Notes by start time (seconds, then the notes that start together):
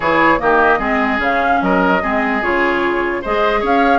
0.00 E3 E4 G#4 C#5
0.39 D#3 A#3 G4 D#5
0.78 G#3 C4 G#4
1.18 C#3 C#4 F5
1.61 F#3 A#4 D#5
2.02 G#3 C4 G#4
2.41 C#3 F4 C#5
3.21 G#3 G#4 C5 D#5
3.60 C#4 C#5 F5